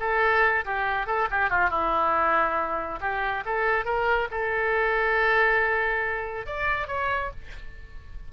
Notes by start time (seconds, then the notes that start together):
0.00 A4
0.65 G4
1.07 A4
1.31 G4
1.50 F4
1.70 E4
3.01 G4
3.46 A4
3.85 A#4
4.31 A4
6.46 D5
6.88 C#5